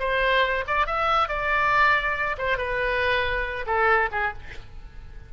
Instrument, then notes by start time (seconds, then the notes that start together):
oboe
0.00 C5
0.67 D5
0.87 E5
1.29 D5
2.38 C5
2.58 B4
3.67 A4
4.12 G#4